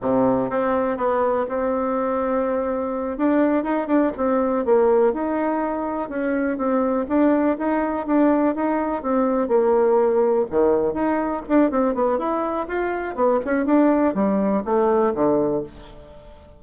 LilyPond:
\new Staff \with { instrumentName = "bassoon" } { \time 4/4 \tempo 4 = 123 c4 c'4 b4 c'4~ | c'2~ c'8 d'4 dis'8 | d'8 c'4 ais4 dis'4.~ | dis'8 cis'4 c'4 d'4 dis'8~ |
dis'8 d'4 dis'4 c'4 ais8~ | ais4. dis4 dis'4 d'8 | c'8 b8 e'4 f'4 b8 cis'8 | d'4 g4 a4 d4 | }